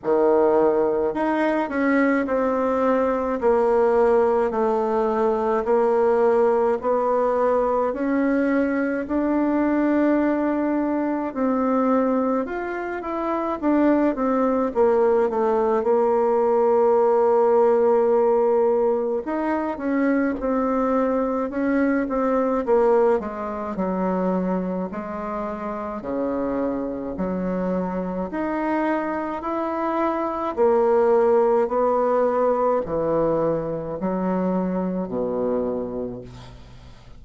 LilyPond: \new Staff \with { instrumentName = "bassoon" } { \time 4/4 \tempo 4 = 53 dis4 dis'8 cis'8 c'4 ais4 | a4 ais4 b4 cis'4 | d'2 c'4 f'8 e'8 | d'8 c'8 ais8 a8 ais2~ |
ais4 dis'8 cis'8 c'4 cis'8 c'8 | ais8 gis8 fis4 gis4 cis4 | fis4 dis'4 e'4 ais4 | b4 e4 fis4 b,4 | }